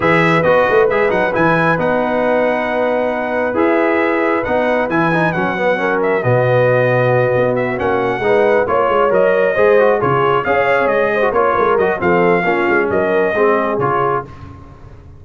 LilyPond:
<<
  \new Staff \with { instrumentName = "trumpet" } { \time 4/4 \tempo 4 = 135 e''4 dis''4 e''8 fis''8 gis''4 | fis''1 | e''2 fis''4 gis''4 | fis''4. e''8 dis''2~ |
dis''4 e''8 fis''2 cis''8~ | cis''8 dis''2 cis''4 f''8~ | f''8 dis''4 cis''4 dis''8 f''4~ | f''4 dis''2 cis''4 | }
  \new Staff \with { instrumentName = "horn" } { \time 4/4 b'1~ | b'1~ | b'1~ | b'4 ais'4 fis'2~ |
fis'2~ fis'8 b'4 cis''8~ | cis''4. c''4 gis'4 cis''8~ | cis''4 c''8 cis''8 ais'4 a'4 | f'4 ais'4 gis'2 | }
  \new Staff \with { instrumentName = "trombone" } { \time 4/4 gis'4 fis'4 gis'8 dis'8 e'4 | dis'1 | gis'2 dis'4 e'8 dis'8 | cis'8 b8 cis'4 b2~ |
b4. cis'4 dis'4 f'8~ | f'8 ais'4 gis'8 fis'8 f'4 gis'8~ | gis'4~ gis'16 fis'16 f'4 fis'8 c'4 | cis'2 c'4 f'4 | }
  \new Staff \with { instrumentName = "tuba" } { \time 4/4 e4 b8 a8 gis8 fis8 e4 | b1 | e'2 b4 e4 | fis2 b,2~ |
b,8 b4 ais4 gis4 ais8 | gis8 fis4 gis4 cis4 cis'8~ | cis'8 gis4 ais8 gis8 fis8 f4 | ais8 gis8 fis4 gis4 cis4 | }
>>